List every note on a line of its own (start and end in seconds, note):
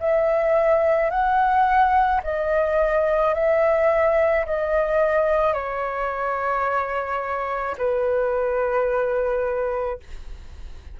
0.00 1.10 E5
1.10 2.21 F#5
2.24 3.34 D#5
3.34 4.45 E5
4.46 5.54 D#5
5.54 7.76 C#5
7.78 10.00 B4